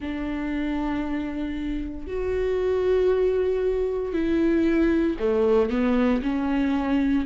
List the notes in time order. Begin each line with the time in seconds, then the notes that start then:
0.00 D4
2.07 F#4
4.13 E4
5.19 A3
5.69 B3
6.22 C#4